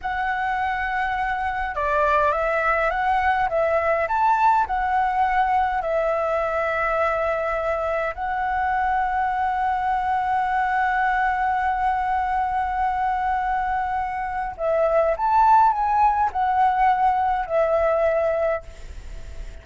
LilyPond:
\new Staff \with { instrumentName = "flute" } { \time 4/4 \tempo 4 = 103 fis''2. d''4 | e''4 fis''4 e''4 a''4 | fis''2 e''2~ | e''2 fis''2~ |
fis''1~ | fis''1~ | fis''4 e''4 a''4 gis''4 | fis''2 e''2 | }